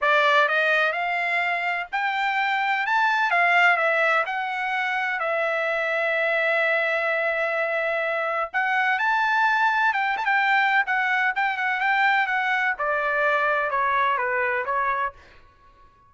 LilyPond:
\new Staff \with { instrumentName = "trumpet" } { \time 4/4 \tempo 4 = 127 d''4 dis''4 f''2 | g''2 a''4 f''4 | e''4 fis''2 e''4~ | e''1~ |
e''2 fis''4 a''4~ | a''4 g''8 a''16 g''4~ g''16 fis''4 | g''8 fis''8 g''4 fis''4 d''4~ | d''4 cis''4 b'4 cis''4 | }